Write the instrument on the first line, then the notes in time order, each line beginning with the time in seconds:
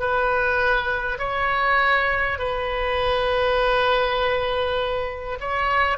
oboe
0.00 B4
1.18 C#5
2.38 B4
5.41 C#5